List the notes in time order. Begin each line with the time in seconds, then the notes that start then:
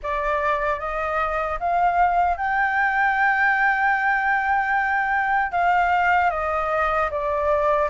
0.03 D5
0.79 D#5
1.59 F5
2.37 G5
5.52 F5
6.30 D#5
7.11 D5